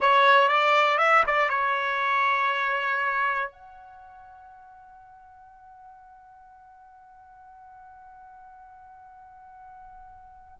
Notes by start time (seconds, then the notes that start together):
0.00 C#5
0.48 D5
0.98 E5
1.27 D5
1.49 C#5
3.51 F#5